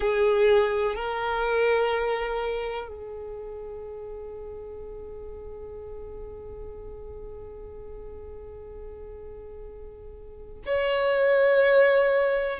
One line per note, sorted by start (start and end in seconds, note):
0.00 0.95 G#4
0.95 2.88 A#4
2.88 10.62 G#4
10.66 12.59 C#5